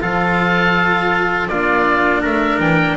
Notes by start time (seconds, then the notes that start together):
0.00 F3 F4 A4 F5
1.48 A#3 D4 F4 D5
2.21 A3 A#4 E5
2.59 E3 G5